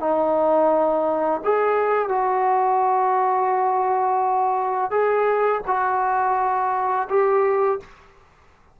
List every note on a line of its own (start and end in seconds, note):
0.00 1.41 D#4
1.44 2.09 G#4
2.09 4.91 F#4
4.91 5.61 G#4
5.67 7.08 F#4
7.09 7.80 G4